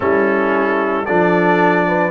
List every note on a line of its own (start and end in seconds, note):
0.00 1.08 G3
0.00 1.06 C#4
0.00 1.05 E4
0.00 1.05 A4
1.05 2.11 F3
1.05 2.11 D4
1.05 1.85 A4
1.05 2.11 D5
1.87 2.11 B4